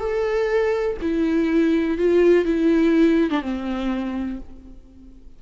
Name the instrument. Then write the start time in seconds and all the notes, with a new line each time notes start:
viola
0.00 A4
1.02 E4
1.98 F4
2.45 E4
3.31 D4
3.42 C4